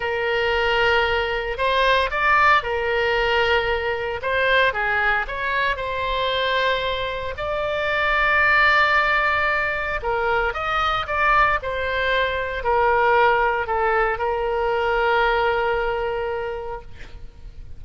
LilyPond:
\new Staff \with { instrumentName = "oboe" } { \time 4/4 \tempo 4 = 114 ais'2. c''4 | d''4 ais'2. | c''4 gis'4 cis''4 c''4~ | c''2 d''2~ |
d''2. ais'4 | dis''4 d''4 c''2 | ais'2 a'4 ais'4~ | ais'1 | }